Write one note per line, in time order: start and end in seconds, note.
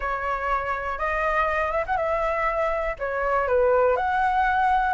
0.00 0.98 C#5
0.98 1.71 D#5
1.71 1.83 E5
1.86 1.97 F#5
1.97 2.96 E5
2.98 3.47 C#5
3.47 3.96 B4
3.96 4.94 F#5